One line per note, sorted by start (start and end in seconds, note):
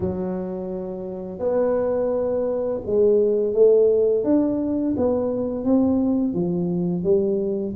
0.00 1.39 F#3
1.39 2.80 B3
2.86 3.53 G#3
3.53 4.24 A3
4.24 4.94 D4
4.96 5.64 B3
5.64 6.33 C4
6.33 7.03 F3
7.03 7.74 G3